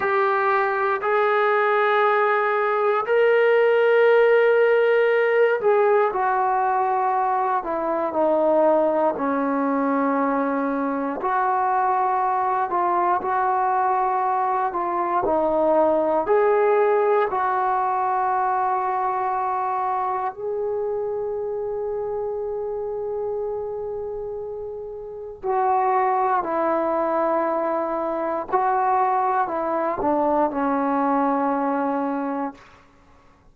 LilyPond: \new Staff \with { instrumentName = "trombone" } { \time 4/4 \tempo 4 = 59 g'4 gis'2 ais'4~ | ais'4. gis'8 fis'4. e'8 | dis'4 cis'2 fis'4~ | fis'8 f'8 fis'4. f'8 dis'4 |
gis'4 fis'2. | gis'1~ | gis'4 fis'4 e'2 | fis'4 e'8 d'8 cis'2 | }